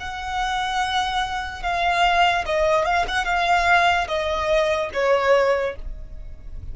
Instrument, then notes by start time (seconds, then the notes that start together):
violin
0.00 F#5
1.63 F5
2.46 D#5
2.85 F5
3.08 F#5
3.25 F5
4.08 D#5
4.94 C#5